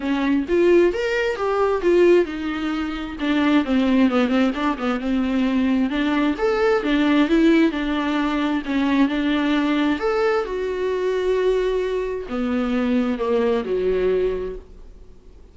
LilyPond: \new Staff \with { instrumentName = "viola" } { \time 4/4 \tempo 4 = 132 cis'4 f'4 ais'4 g'4 | f'4 dis'2 d'4 | c'4 b8 c'8 d'8 b8 c'4~ | c'4 d'4 a'4 d'4 |
e'4 d'2 cis'4 | d'2 a'4 fis'4~ | fis'2. b4~ | b4 ais4 fis2 | }